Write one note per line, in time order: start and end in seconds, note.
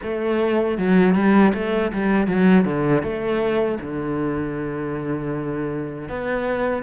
0.02 0.78 A3
0.78 1.14 F#3
1.14 1.52 G3
1.54 1.92 A3
1.92 2.27 G3
2.27 2.64 F#3
2.64 3.02 D3
3.02 3.78 A3
3.80 6.08 D3
6.08 6.82 B3